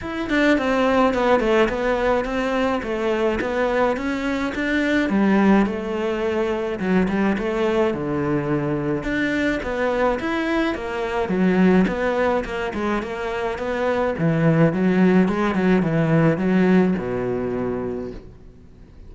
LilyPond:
\new Staff \with { instrumentName = "cello" } { \time 4/4 \tempo 4 = 106 e'8 d'8 c'4 b8 a8 b4 | c'4 a4 b4 cis'4 | d'4 g4 a2 | fis8 g8 a4 d2 |
d'4 b4 e'4 ais4 | fis4 b4 ais8 gis8 ais4 | b4 e4 fis4 gis8 fis8 | e4 fis4 b,2 | }